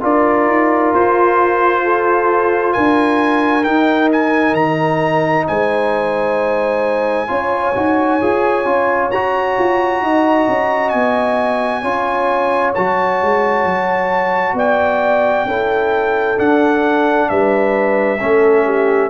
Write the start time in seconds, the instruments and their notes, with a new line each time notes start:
0.00 tuba D4, trombone F4, horn A#4, trumpet D5
0.46 tuba D#4
0.94 tuba F4, trumpet C5
1.84 horn A4
2.73 tuba D4, horn A#4, trumpet G#5
3.63 trombone D#4, tuba D#4, trumpet G5
4.12 trumpet G#5
4.52 tuba D#3, trumpet A#5
5.47 tuba G#3, horn C5, trumpet G#5
7.27 tuba C#4, trombone F4, horn C#5
7.74 tuba D#4, trombone F#4
8.20 tuba F4, trombone G#4
8.65 tuba C#4, trombone F4
9.11 tuba F#4, trombone F#4, trumpet A#5
9.58 tuba F4
10.01 tuba D#4, horn D#5
10.48 tuba C#4
10.89 tuba B3, trumpet G#5
11.81 tuba C#4, trombone F4, horn C#5
12.74 tuba F#3, trombone F#4, trumpet A5
13.22 tuba G#3
13.65 tuba F#3
14.53 tuba B3, horn D5, trumpet G5
15.45 tuba C#4, trombone E4, horn A4
16.36 trombone D4, tuba D4, trumpet F#5
17.29 tuba G3, horn B4, trumpet E5
18.20 tuba A3, trombone C#4, horn A4
18.65 horn G4